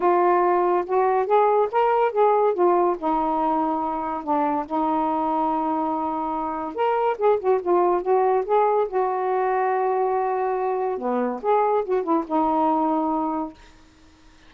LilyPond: \new Staff \with { instrumentName = "saxophone" } { \time 4/4 \tempo 4 = 142 f'2 fis'4 gis'4 | ais'4 gis'4 f'4 dis'4~ | dis'2 d'4 dis'4~ | dis'1 |
ais'4 gis'8 fis'8 f'4 fis'4 | gis'4 fis'2.~ | fis'2 b4 gis'4 | fis'8 e'8 dis'2. | }